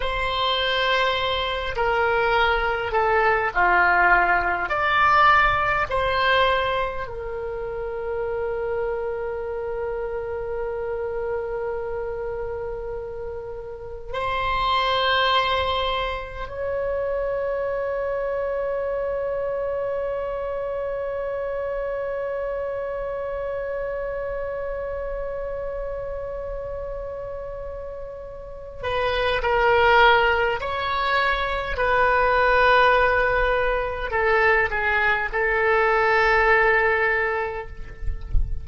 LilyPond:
\new Staff \with { instrumentName = "oboe" } { \time 4/4 \tempo 4 = 51 c''4. ais'4 a'8 f'4 | d''4 c''4 ais'2~ | ais'1 | c''2 cis''2~ |
cis''1~ | cis''1~ | cis''8 b'8 ais'4 cis''4 b'4~ | b'4 a'8 gis'8 a'2 | }